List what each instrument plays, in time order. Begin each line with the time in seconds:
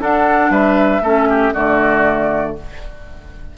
0.00 clarinet D4, bassoon D4, oboe A4, flute F#5
0.50 bassoon G3, oboe B4, flute E5
1.01 bassoon A3, clarinet C#4, oboe A4
1.30 oboe G4
1.54 bassoon D3, clarinet A3, oboe F#4, flute D5